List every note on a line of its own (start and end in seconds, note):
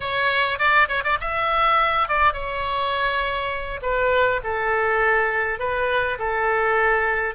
0.00 0.58 C#5
0.58 0.88 D5
0.88 1.03 C#5
1.03 1.18 D5
1.20 2.08 E5
2.08 2.33 D5
2.33 3.80 C#5
3.82 4.40 B4
4.43 5.59 A4
5.59 6.18 B4
6.18 7.34 A4